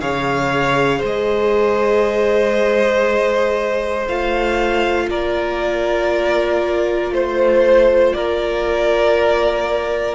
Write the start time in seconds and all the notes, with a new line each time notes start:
0.00 C#3 G#4 C#5 F5
0.99 G#3 C5
1.06 D#5
4.08 A3 F4 F5
5.10 A#3 A#4 D5
7.11 A3 C5
8.13 A#3 A#4 D5